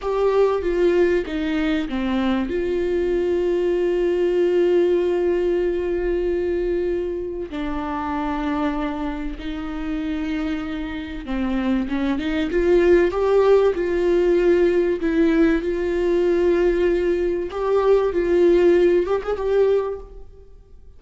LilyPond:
\new Staff \with { instrumentName = "viola" } { \time 4/4 \tempo 4 = 96 g'4 f'4 dis'4 c'4 | f'1~ | f'1 | d'2. dis'4~ |
dis'2 c'4 cis'8 dis'8 | f'4 g'4 f'2 | e'4 f'2. | g'4 f'4. g'16 gis'16 g'4 | }